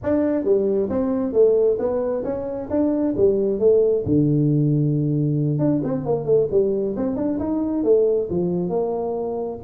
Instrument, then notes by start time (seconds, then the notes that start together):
tuba
0.03 D4
0.44 G3
0.89 C4
1.32 A3
1.78 B3
2.23 C#4
2.70 D4
3.16 G3
3.59 A3
4.05 D3
5.58 D4
5.83 C4
6.05 A#3
6.25 A3
6.50 G3
6.96 C4
7.15 D4
7.39 D#4
7.83 A3
8.30 F3
8.69 A#3